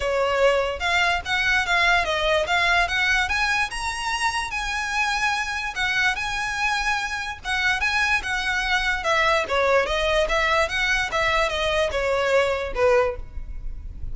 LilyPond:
\new Staff \with { instrumentName = "violin" } { \time 4/4 \tempo 4 = 146 cis''2 f''4 fis''4 | f''4 dis''4 f''4 fis''4 | gis''4 ais''2 gis''4~ | gis''2 fis''4 gis''4~ |
gis''2 fis''4 gis''4 | fis''2 e''4 cis''4 | dis''4 e''4 fis''4 e''4 | dis''4 cis''2 b'4 | }